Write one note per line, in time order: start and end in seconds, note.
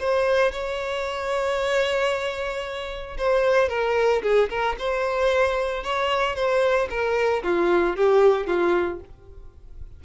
0.00 0.52 C5
0.52 3.17 C#5
3.18 3.69 C5
3.69 4.22 A#4
4.23 4.49 G#4
4.50 4.76 A#4
4.79 5.84 C5
5.84 6.36 C#5
6.36 6.89 C5
6.90 7.43 A#4
7.44 7.96 F4
7.96 8.47 G4
8.47 9.00 F4